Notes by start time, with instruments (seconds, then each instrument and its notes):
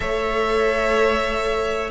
0.00 cello A3, viola A4, violin C#5 E5